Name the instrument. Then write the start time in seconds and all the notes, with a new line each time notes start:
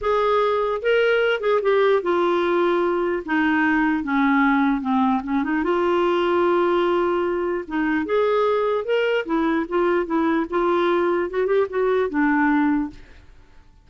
clarinet
0.01 G#4
0.81 A#4
1.40 G#4
1.62 G4
2.02 F4
3.25 D#4
4.03 C#4
4.81 C4
5.23 C#4
5.43 D#4
5.63 F4
7.67 D#4
8.05 G#4
8.85 A#4
9.25 E4
9.68 F4
10.05 E4
10.49 F4
11.30 F#4
11.46 G4
11.69 F#4
12.09 D4